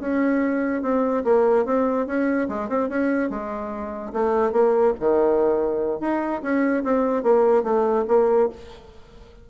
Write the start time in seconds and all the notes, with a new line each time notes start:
0.00 C#4
0.83 C4
1.25 A#3
1.66 C4
2.07 C#4
2.49 G#3
2.69 C4
2.89 C#4
3.30 G#3
4.13 A3
4.53 A#3
5.00 D#3
6.01 D#4
6.42 C#4
6.84 C4
7.23 A#3
7.64 A3
8.08 A#3